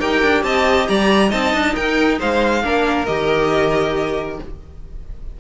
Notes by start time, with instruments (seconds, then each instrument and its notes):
0.00 cello D#4, viola G4, violin A#4 G5
0.23 cello D4
0.43 cello C4, violin D#5 A5
0.88 cello G3, violin D5 A#5
1.30 cello C4, viola D#4, violin D#5 A5
1.54 cello D4
1.75 cello D#4, violin A#4 G5
2.19 cello G#3, violin C5 F5
2.64 cello A#3, viola D4, violin A#4
3.06 cello D#3, viola G4, violin D#5